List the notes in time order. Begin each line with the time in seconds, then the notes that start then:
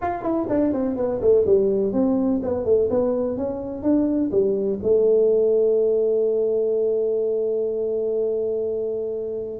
0.01 F4
0.22 E4
0.49 D4
0.72 C4
0.96 B3
1.21 A3
1.45 G3
1.92 C4
2.43 B3
2.64 A3
2.90 B3
3.37 C#4
3.82 D4
4.31 G3
4.82 A3